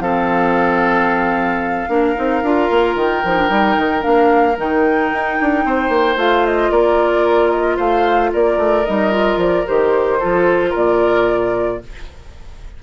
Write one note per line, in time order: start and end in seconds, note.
0.00 1.87 F3
0.00 1.89 C4
0.00 1.90 A4
0.00 2.96 F5
1.89 2.15 A#3
1.89 2.16 D4
1.89 5.65 A#4
2.16 2.43 C4
2.16 2.42 D#4
2.43 2.69 D4
2.43 3.25 F4
2.71 2.95 A#3
2.95 3.22 D#3
2.95 4.03 G5
3.25 3.50 F3
3.25 3.38 D#4
3.38 3.48 D4
3.48 3.77 G3
3.48 4.01 D#4
3.78 4.04 D#3
4.01 4.58 A#3
4.01 4.54 D4
4.01 4.57 F5
4.58 5.12 D#3
4.58 6.17 D#4
4.58 6.20 G5
5.13 5.39 D#4
5.41 5.65 D4
5.65 5.89 C4
5.65 6.72 C5
5.89 6.16 A#3
6.17 6.70 A3
6.17 8.85 F4
6.17 6.46 F5
6.47 6.72 D#5
6.71 7.78 A#3
6.71 7.77 A#4
6.71 7.50 D5
7.50 7.77 D#5
7.77 8.33 A3
7.77 8.30 C5
7.77 8.32 F5
8.33 8.57 A#3
8.33 10.19 A#4
8.33 8.85 D5
8.57 8.84 A3
8.85 9.37 G3
8.85 9.11 D#4
8.85 9.39 D#5
9.11 9.65 F4
9.37 9.64 F3
9.37 9.67 D5
9.66 10.23 D#3
9.66 10.20 G4
9.66 10.74 C5
10.19 10.75 F3
10.19 11.81 F4
10.19 10.70 A4
10.70 11.82 A#2
10.70 11.77 A#4
10.70 11.83 D5